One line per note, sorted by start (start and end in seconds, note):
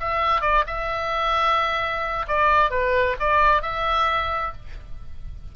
0.00 0.41 E5
0.41 0.64 D5
0.67 2.26 E5
2.27 2.70 D5
2.70 3.16 B4
3.19 3.62 D5
3.62 4.52 E5